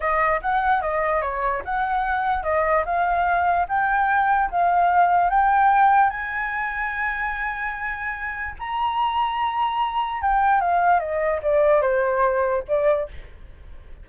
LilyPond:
\new Staff \with { instrumentName = "flute" } { \time 4/4 \tempo 4 = 147 dis''4 fis''4 dis''4 cis''4 | fis''2 dis''4 f''4~ | f''4 g''2 f''4~ | f''4 g''2 gis''4~ |
gis''1~ | gis''4 ais''2.~ | ais''4 g''4 f''4 dis''4 | d''4 c''2 d''4 | }